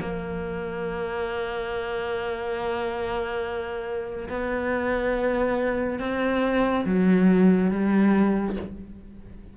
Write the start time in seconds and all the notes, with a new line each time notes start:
0.00 A#3
4.29 B3
6.00 C4
6.86 F#3
7.71 G3